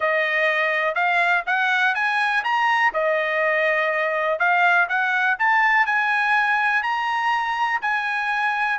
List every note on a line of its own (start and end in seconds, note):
0.00 0.94 D#5
0.94 1.43 F5
1.46 1.94 F#5
1.94 2.43 G#5
2.43 2.92 A#5
2.93 4.39 D#5
4.39 4.87 F5
4.88 5.37 F#5
5.38 5.86 A5
5.86 6.82 G#5
6.82 7.80 A#5
7.81 8.78 G#5